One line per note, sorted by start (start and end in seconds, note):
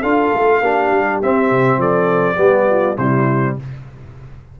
0.00 0.32 D4
0.00 0.62 F4
0.00 0.59 A4
0.00 1.20 F5
0.34 0.61 A3
0.61 0.91 A#3
0.61 1.23 D4
0.61 1.79 G4
0.91 1.20 G3
1.22 1.50 C4
1.22 2.35 C4
1.22 1.81 E5
1.50 1.78 C3
1.78 2.37 F3
1.78 2.35 A4
1.78 2.97 D5
2.35 2.96 G3
2.35 2.94 B3
2.35 2.65 G4
2.69 2.96 F4
2.96 3.56 C3
2.96 3.60 G3
2.96 3.55 E4
2.96 3.56 C5